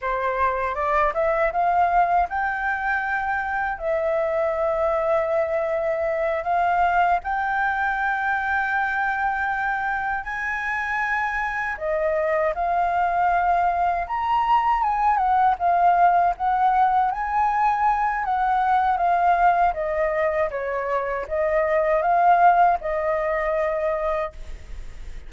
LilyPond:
\new Staff \with { instrumentName = "flute" } { \time 4/4 \tempo 4 = 79 c''4 d''8 e''8 f''4 g''4~ | g''4 e''2.~ | e''8 f''4 g''2~ g''8~ | g''4. gis''2 dis''8~ |
dis''8 f''2 ais''4 gis''8 | fis''8 f''4 fis''4 gis''4. | fis''4 f''4 dis''4 cis''4 | dis''4 f''4 dis''2 | }